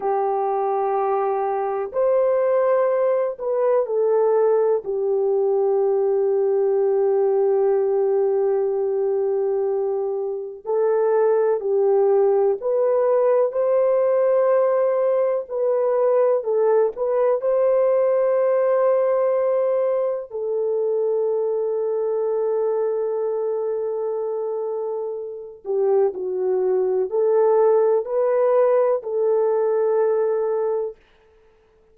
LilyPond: \new Staff \with { instrumentName = "horn" } { \time 4/4 \tempo 4 = 62 g'2 c''4. b'8 | a'4 g'2.~ | g'2. a'4 | g'4 b'4 c''2 |
b'4 a'8 b'8 c''2~ | c''4 a'2.~ | a'2~ a'8 g'8 fis'4 | a'4 b'4 a'2 | }